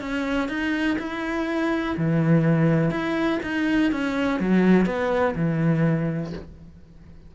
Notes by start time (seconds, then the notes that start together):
0.00 C#4
0.48 D#4
0.98 E4
1.96 E3
2.90 E4
3.43 D#4
3.91 C#4
4.39 F#3
4.85 B3
5.35 E3